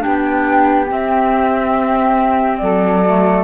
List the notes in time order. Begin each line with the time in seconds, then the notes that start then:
0.00 D4 G4 G5
0.07 B3
0.89 C4 E5
2.58 F#3 A4 D5
3.07 A3